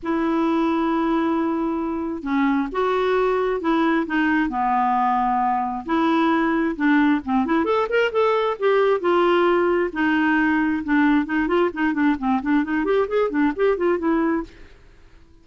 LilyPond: \new Staff \with { instrumentName = "clarinet" } { \time 4/4 \tempo 4 = 133 e'1~ | e'4 cis'4 fis'2 | e'4 dis'4 b2~ | b4 e'2 d'4 |
c'8 e'8 a'8 ais'8 a'4 g'4 | f'2 dis'2 | d'4 dis'8 f'8 dis'8 d'8 c'8 d'8 | dis'8 g'8 gis'8 d'8 g'8 f'8 e'4 | }